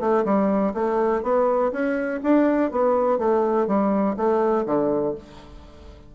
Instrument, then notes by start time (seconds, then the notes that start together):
bassoon
0.00 A3
0.25 G3
0.74 A3
1.23 B3
1.72 C#4
2.23 D4
2.71 B3
3.18 A3
3.67 G3
4.17 A3
4.66 D3